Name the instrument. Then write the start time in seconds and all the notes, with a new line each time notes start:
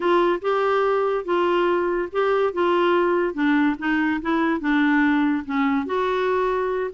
clarinet
0.00 F4
0.41 G4
1.24 F4
2.12 G4
2.53 F4
3.34 D4
3.78 D#4
4.21 E4
4.60 D4
5.45 C#4
5.86 F#4